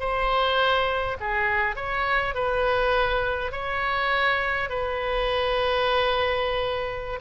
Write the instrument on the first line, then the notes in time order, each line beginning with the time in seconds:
oboe
0.00 C5
1.20 G#4
1.76 C#5
2.35 B4
3.52 C#5
4.70 B4